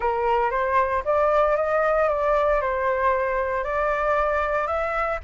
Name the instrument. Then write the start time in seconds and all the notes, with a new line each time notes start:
flute
0.00 A#4
0.51 C5
1.04 D5
1.56 D#5
2.08 D5
2.61 C5
3.64 D5
4.67 E5